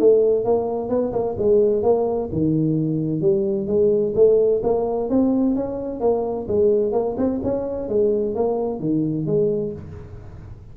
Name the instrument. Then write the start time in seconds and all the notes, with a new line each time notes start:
tuba
0.00 A3
0.45 A#3
0.89 B3
1.13 A#3
1.38 G#3
1.83 A#3
2.33 D#3
3.22 G3
3.67 G#3
4.15 A3
4.63 A#3
5.10 C4
5.56 C#4
6.01 A#3
6.48 G#3
6.93 A#3
7.18 C4
7.44 C#4
7.89 G#3
8.35 A#3
8.80 D#3
9.26 G#3